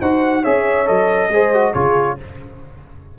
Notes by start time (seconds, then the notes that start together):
0.00 D#4 F#4 C5 F#5
0.42 C#4 G#4 C#5 E5
0.86 F#3 A4 D#5
1.29 G#3 G#4 C5
1.54 F#4
1.73 C#3 F4 G#4 C#5